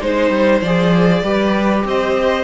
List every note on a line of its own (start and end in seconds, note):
0.00 0.30 G#3
0.00 0.62 D#4
0.00 1.22 C5
0.00 0.61 C5
0.30 0.61 G3
0.61 1.23 F3
0.61 1.24 G#4
0.61 1.83 D5
1.23 1.84 G3
1.23 2.43 G4
1.23 1.85 B4
1.85 2.43 C4
1.85 2.43 C5
1.85 2.43 D#5